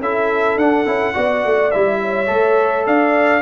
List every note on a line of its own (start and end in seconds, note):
0.00 0.57 C#4
0.00 0.60 E4
0.00 1.15 A4
0.00 0.59 E5
0.57 0.85 D4
0.57 0.86 D4
0.57 1.72 F#5
0.86 1.15 C#4
0.86 1.14 E4
1.14 1.45 B3
1.14 1.71 F#4
1.14 2.00 D5
1.45 1.74 A3
1.72 2.30 G3
1.72 2.27 E4
1.72 2.86 E5
2.02 2.87 C#5
2.27 2.87 A3
2.27 3.42 A4
2.87 3.42 D4
2.87 3.42 D5
2.87 3.42 F5